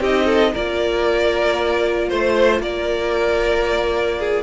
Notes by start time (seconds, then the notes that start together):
0.00 C4 D#4 G4 D#5
0.25 A4
0.53 A#3 F4 A#4 D5
2.09 A3 C5
2.60 A#3 A#4 D5
4.19 G#4